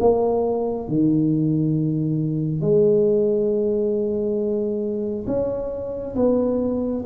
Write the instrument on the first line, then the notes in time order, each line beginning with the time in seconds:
tuba
0.00 A#3
0.88 D#3
2.61 G#3
5.27 C#4
6.16 B3